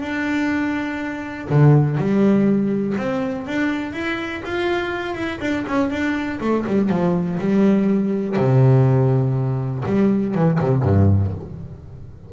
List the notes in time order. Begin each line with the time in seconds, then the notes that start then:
0.00 D4
1.49 D3
1.97 G3
2.97 C4
3.46 D4
3.92 E4
4.44 F4
5.15 E4
5.40 D4
5.67 C#4
5.89 D4
6.40 A3
6.66 G3
6.89 F3
7.39 G3
8.36 C3
9.85 G3
10.34 E3
10.60 C3
10.82 G2